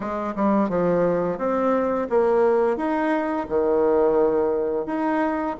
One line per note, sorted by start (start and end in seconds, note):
0.00 0.34 G#3
0.35 0.69 G3
0.69 1.38 F3
1.38 2.07 C4
2.09 2.76 A#3
2.76 3.46 D#4
3.49 4.86 D#3
4.86 5.56 D#4